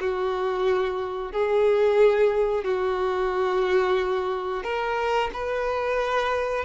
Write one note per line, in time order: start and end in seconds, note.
0.00 1.32 F#4
1.32 2.64 G#4
2.64 4.63 F#4
4.63 5.30 A#4
5.33 6.64 B4